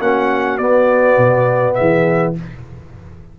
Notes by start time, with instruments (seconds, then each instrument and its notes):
0.00 tuba A#3, trombone C#4, horn F#4, trumpet F#5
0.58 tuba B3, trombone B3, trumpet D5
1.17 tuba B2
1.74 horn G#4, trumpet E5
1.80 tuba E3